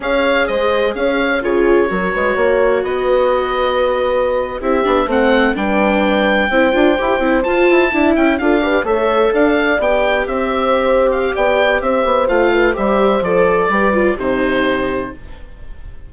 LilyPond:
<<
  \new Staff \with { instrumentName = "oboe" } { \time 4/4 \tempo 4 = 127 f''4 dis''4 f''4 cis''4~ | cis''2 dis''2~ | dis''4.~ dis''16 e''4 fis''4 g''16~ | g''2.~ g''8. a''16~ |
a''4~ a''16 g''8 f''4 e''4 f''16~ | f''8. g''4 e''4.~ e''16 f''8 | g''4 e''4 f''4 e''4 | d''2 c''2 | }
  \new Staff \with { instrumentName = "horn" } { \time 4/4 cis''4 c''4 cis''4 gis'4 | ais'8 b'8 cis''4 b'2~ | b'4.~ b'16 g'4 c''4 b'16~ | b'4.~ b'16 c''2~ c''16~ |
c''8. e''4 a'8 b'8 cis''4 d''16~ | d''4.~ d''16 c''2~ c''16 | d''4 c''4. b'8 c''4~ | c''4 b'4 g'2 | }
  \new Staff \with { instrumentName = "viola" } { \time 4/4 gis'2. f'4 | fis'1~ | fis'4.~ fis'16 e'8 d'8 c'4 d'16~ | d'4.~ d'16 e'8 f'8 g'8 e'8 f'16~ |
f'8. e'4 f'8 g'8 a'4~ a'16~ | a'8. g'2.~ g'16~ | g'2 f'4 g'4 | a'4 g'8 f'8 dis'2 | }
  \new Staff \with { instrumentName = "bassoon" } { \time 4/4 cis'4 gis4 cis'4 cis4 | fis8 gis8 ais4 b2~ | b4.~ b16 c'8 b8 a4 g16~ | g4.~ g16 c'8 d'8 e'8 c'8 f'16~ |
f'16 e'8 d'8 cis'8 d'4 a4 d'16~ | d'8. b4 c'2~ c'16 | b4 c'8 b8 a4 g4 | f4 g4 c2 | }
>>